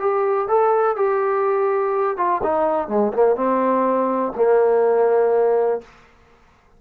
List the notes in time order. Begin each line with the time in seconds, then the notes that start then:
0.00 G4
0.48 A4
0.97 G4
2.17 F4
2.43 D#4
2.89 G#3
3.13 A#3
3.36 C4
4.36 A#3